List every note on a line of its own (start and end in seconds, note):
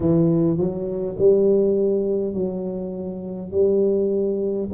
0.00 0.57 E3
0.57 1.16 F#3
1.18 2.33 G3
2.33 3.51 F#3
3.51 4.68 G3